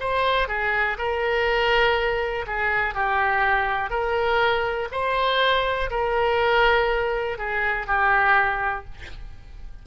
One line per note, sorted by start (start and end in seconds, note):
0.00 0.48 C5
0.48 0.97 G#4
0.98 2.45 A#4
2.47 2.94 G#4
2.94 3.90 G4
3.90 4.88 A#4
4.92 5.90 C5
5.90 7.38 A#4
7.38 7.86 G#4
7.86 8.85 G4